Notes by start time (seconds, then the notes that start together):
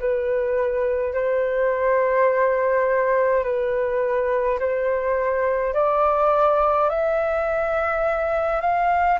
0.00 B4
1.14 C5
3.44 B4
4.59 C5
5.74 D5
6.90 E5
8.61 F5